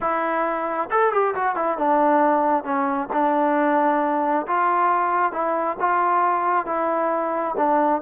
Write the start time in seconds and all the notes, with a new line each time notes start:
0.00 E4
0.90 A4
1.12 G4
1.34 F#4
1.55 E4
1.78 D4
2.64 C#4
3.13 D4
4.47 F4
5.32 E4
5.79 F4
6.66 E4
7.57 D4